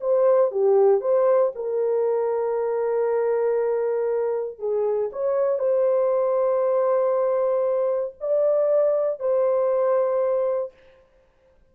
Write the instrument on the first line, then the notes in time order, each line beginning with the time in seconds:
horn
0.00 C5
0.51 G4
1.00 C5
1.55 A#4
4.59 G#4
5.12 C#5
5.59 C5
8.20 D5
9.19 C5